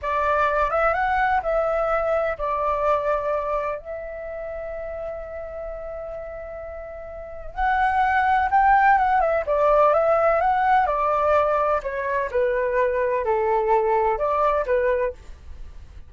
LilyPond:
\new Staff \with { instrumentName = "flute" } { \time 4/4 \tempo 4 = 127 d''4. e''8 fis''4 e''4~ | e''4 d''2. | e''1~ | e''1 |
fis''2 g''4 fis''8 e''8 | d''4 e''4 fis''4 d''4~ | d''4 cis''4 b'2 | a'2 d''4 b'4 | }